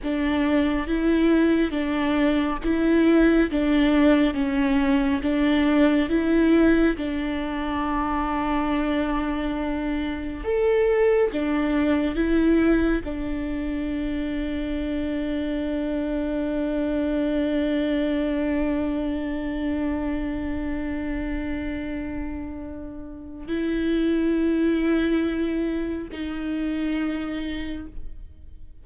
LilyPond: \new Staff \with { instrumentName = "viola" } { \time 4/4 \tempo 4 = 69 d'4 e'4 d'4 e'4 | d'4 cis'4 d'4 e'4 | d'1 | a'4 d'4 e'4 d'4~ |
d'1~ | d'1~ | d'2. e'4~ | e'2 dis'2 | }